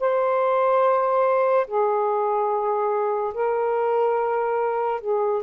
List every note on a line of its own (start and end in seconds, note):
0.00 1.67 C5
1.67 3.33 G#4
3.34 5.00 A#4
5.01 5.42 G#4